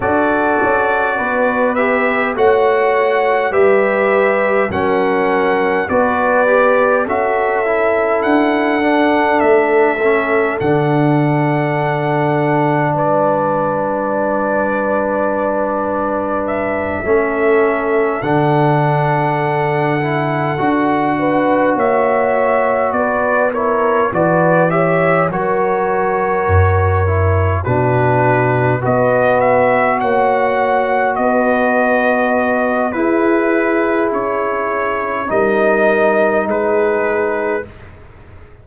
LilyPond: <<
  \new Staff \with { instrumentName = "trumpet" } { \time 4/4 \tempo 4 = 51 d''4. e''8 fis''4 e''4 | fis''4 d''4 e''4 fis''4 | e''4 fis''2 d''4~ | d''2 e''4. fis''8~ |
fis''2~ fis''8 e''4 d''8 | cis''8 d''8 e''8 cis''2 b'8~ | b'8 dis''8 e''8 fis''4 dis''4. | b'4 cis''4 dis''4 b'4 | }
  \new Staff \with { instrumentName = "horn" } { \time 4/4 a'4 b'4 cis''4 b'4 | ais'4 b'4 a'2~ | a'2. b'4~ | b'2~ b'8 a'4.~ |
a'2 b'8 cis''4 b'8 | ais'8 b'8 cis''8 ais'2 fis'8~ | fis'8 b'4 cis''4 b'4. | gis'2 ais'4 gis'4 | }
  \new Staff \with { instrumentName = "trombone" } { \time 4/4 fis'4. g'8 fis'4 g'4 | cis'4 fis'8 g'8 fis'8 e'4 d'8~ | d'8 cis'8 d'2.~ | d'2~ d'8 cis'4 d'8~ |
d'4 e'8 fis'2~ fis'8 | e'8 fis'8 g'8 fis'4. e'8 d'8~ | d'8 fis'2.~ fis'8 | e'2 dis'2 | }
  \new Staff \with { instrumentName = "tuba" } { \time 4/4 d'8 cis'8 b4 a4 g4 | fis4 b4 cis'4 d'4 | a4 d2 g4~ | g2~ g8 a4 d8~ |
d4. d'4 ais4 b8~ | b8 e4 fis4 fis,4 b,8~ | b,8 b4 ais4 b4. | e'4 cis'4 g4 gis4 | }
>>